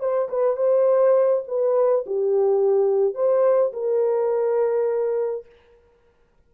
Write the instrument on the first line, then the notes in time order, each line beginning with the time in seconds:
horn
0.00 C5
0.29 B4
0.57 C5
1.47 B4
2.06 G4
3.15 C5
3.73 A#4